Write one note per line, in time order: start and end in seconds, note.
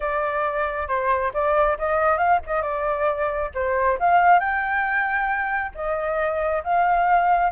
0.00 0.88 D5
0.88 1.32 C5
1.33 1.77 D5
1.78 2.17 D#5
2.17 2.39 F5
2.46 2.62 D#5
2.62 3.50 D5
3.54 3.98 C5
3.99 4.39 F5
4.39 5.72 G5
5.74 6.63 D#5
6.63 7.52 F5